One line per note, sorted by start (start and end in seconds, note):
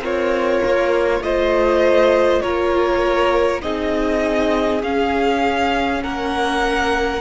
0.00 0.60 C4
0.00 1.24 F4
0.00 1.21 A#4
0.00 1.23 C#5
0.65 1.21 A#3
1.21 2.41 A3
1.21 3.62 F4
1.21 2.43 C5
1.21 2.42 D#5
2.42 3.63 A#3
2.42 3.63 A#4
2.42 3.62 C#5
3.62 4.83 C4
3.62 4.82 D#4
3.62 6.03 G#4
3.62 4.82 D#5
4.83 6.03 C#4
4.83 7.21 C#4
4.83 6.04 F5
6.03 7.21 A#3
6.03 7.21 A#4
6.03 7.21 F#5